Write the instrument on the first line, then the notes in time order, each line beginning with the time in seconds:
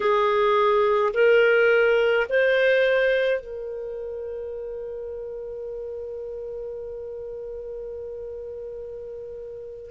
clarinet
0.00 G#4
1.13 A#4
2.29 C5
3.40 A#4